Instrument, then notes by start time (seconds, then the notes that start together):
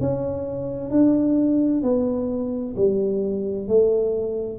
tuba
0.00 C#4
0.90 D4
1.83 B3
2.76 G3
3.68 A3